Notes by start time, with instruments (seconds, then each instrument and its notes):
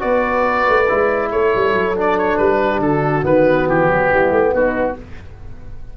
0.00 tuba B3, trombone F#4, horn B4, oboe D5
0.69 tuba A3
0.89 tuba G#3, trombone E4
1.32 tuba A3, horn A4, oboe C#5
1.56 tuba G3
1.74 tuba F#3
1.96 trombone D4, oboe D5
2.18 oboe C#5
2.38 tuba G3, oboe B4
2.63 horn G4
2.80 tuba D3, horn F#4, oboe A4
3.23 tuba D#3, trombone B3, oboe B4
3.68 tuba E3, oboe G4
3.89 tuba F#3
4.11 tuba G3, horn E4
4.31 tuba A3
4.53 tuba B3, horn D#4, oboe F#4